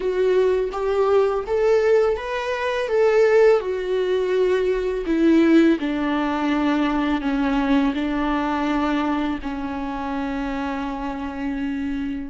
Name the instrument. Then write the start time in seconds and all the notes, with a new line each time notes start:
viola
0.00 F#4
0.72 G4
1.46 A4
2.17 B4
2.88 A4
3.60 F#4
5.06 E4
5.79 D4
7.21 C#4
7.94 D4
9.42 C#4